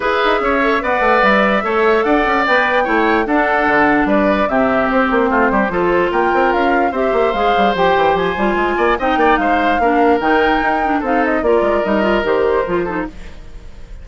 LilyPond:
<<
  \new Staff \with { instrumentName = "flute" } { \time 4/4 \tempo 4 = 147 e''2 fis''4 e''4~ | e''4 fis''4 g''2 | fis''2 d''4 e''4 | c''2. g''4 |
f''4 e''4 f''4 g''4 | gis''2 g''4 f''4~ | f''4 g''2 f''8 dis''8 | d''4 dis''4 c''2 | }
  \new Staff \with { instrumentName = "oboe" } { \time 4/4 b'4 cis''4 d''2 | cis''4 d''2 cis''4 | a'2 b'4 g'4~ | g'4 f'8 g'8 a'4 ais'4~ |
ais'4 c''2.~ | c''4. d''8 dis''8 d''8 c''4 | ais'2. a'4 | ais'2.~ ais'8 a'8 | }
  \new Staff \with { instrumentName = "clarinet" } { \time 4/4 gis'4. a'8 b'2 | a'2 b'4 e'4 | d'2. c'4~ | c'2 f'2~ |
f'4 g'4 gis'4 g'4~ | g'8 f'4. dis'2 | d'4 dis'4. d'8 dis'4 | f'4 dis'8 f'8 g'4 f'8 dis'8 | }
  \new Staff \with { instrumentName = "bassoon" } { \time 4/4 e'8 dis'8 cis'4 b8 a8 g4 | a4 d'8 cis'8 b4 a4 | d'4 d4 g4 c4 | c'8 ais8 a8 g8 f4 ais8 c'8 |
cis'4 c'8 ais8 gis8 g8 f8 e8 | f8 g8 gis8 ais8 c'8 ais8 gis4 | ais4 dis4 dis'4 c'4 | ais8 gis8 g4 dis4 f4 | }
>>